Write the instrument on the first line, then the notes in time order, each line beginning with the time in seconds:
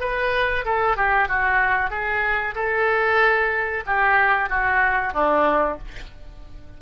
oboe
0.00 B4
0.65 A4
0.96 G4
1.28 F#4
1.90 G#4
2.55 A4
3.86 G4
4.49 F#4
5.13 D4